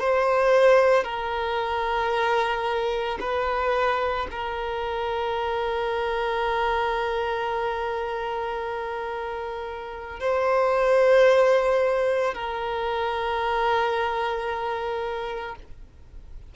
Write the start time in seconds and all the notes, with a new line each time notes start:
0.00 C5
1.04 A#4
3.20 B4
4.31 A#4
10.20 C5
12.34 A#4